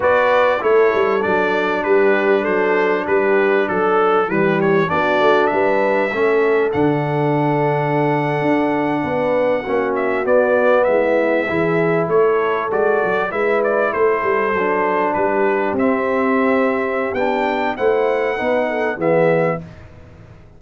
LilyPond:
<<
  \new Staff \with { instrumentName = "trumpet" } { \time 4/4 \tempo 4 = 98 d''4 cis''4 d''4 b'4 | c''4 b'4 a'4 b'8 cis''8 | d''4 e''2 fis''4~ | fis''1~ |
fis''16 e''8 d''4 e''2 cis''16~ | cis''8. d''4 e''8 d''8 c''4~ c''16~ | c''8. b'4 e''2~ e''16 | g''4 fis''2 e''4 | }
  \new Staff \with { instrumentName = "horn" } { \time 4/4 b'4 a'2 g'4 | a'4 g'4 a'4 g'4 | fis'4 b'4 a'2~ | a'2~ a'8. b'4 fis'16~ |
fis'4.~ fis'16 e'4 gis'4 a'16~ | a'4.~ a'16 b'4 a'4~ a'16~ | a'8. g'2.~ g'16~ | g'4 c''4 b'8 a'8 gis'4 | }
  \new Staff \with { instrumentName = "trombone" } { \time 4/4 fis'4 e'4 d'2~ | d'2. g4 | d'2 cis'4 d'4~ | d'2.~ d'8. cis'16~ |
cis'8. b2 e'4~ e'16~ | e'8. fis'4 e'2 d'16~ | d'4.~ d'16 c'2~ c'16 | d'4 e'4 dis'4 b4 | }
  \new Staff \with { instrumentName = "tuba" } { \time 4/4 b4 a8 g8 fis4 g4 | fis4 g4 fis4 e4 | b8 a8 g4 a4 d4~ | d4.~ d16 d'4 b4 ais16~ |
ais8. b4 gis4 e4 a16~ | a8. gis8 fis8 gis4 a8 g8 fis16~ | fis8. g4 c'2~ c'16 | b4 a4 b4 e4 | }
>>